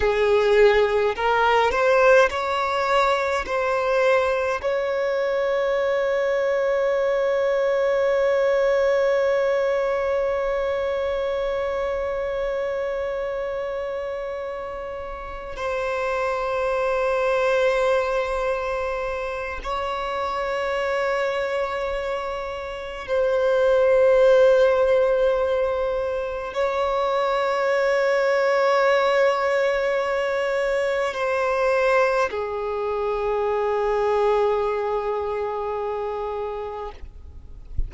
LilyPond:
\new Staff \with { instrumentName = "violin" } { \time 4/4 \tempo 4 = 52 gis'4 ais'8 c''8 cis''4 c''4 | cis''1~ | cis''1~ | cis''4. c''2~ c''8~ |
c''4 cis''2. | c''2. cis''4~ | cis''2. c''4 | gis'1 | }